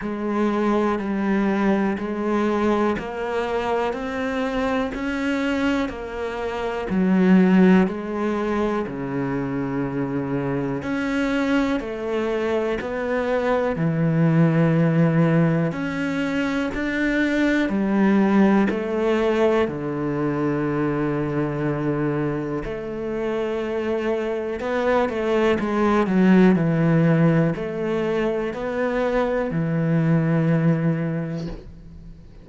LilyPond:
\new Staff \with { instrumentName = "cello" } { \time 4/4 \tempo 4 = 61 gis4 g4 gis4 ais4 | c'4 cis'4 ais4 fis4 | gis4 cis2 cis'4 | a4 b4 e2 |
cis'4 d'4 g4 a4 | d2. a4~ | a4 b8 a8 gis8 fis8 e4 | a4 b4 e2 | }